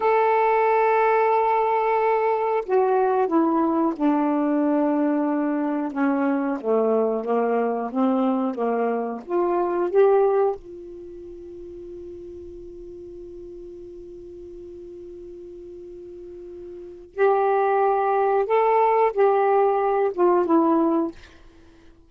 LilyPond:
\new Staff \with { instrumentName = "saxophone" } { \time 4/4 \tempo 4 = 91 a'1 | fis'4 e'4 d'2~ | d'4 cis'4 a4 ais4 | c'4 ais4 f'4 g'4 |
f'1~ | f'1~ | f'2 g'2 | a'4 g'4. f'8 e'4 | }